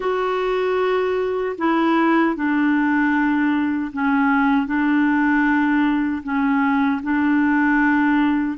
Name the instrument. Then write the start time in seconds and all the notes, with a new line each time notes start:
clarinet
0.00 F#4
1.58 E4
2.36 D4
3.92 C#4
4.66 D4
6.23 C#4
7.02 D4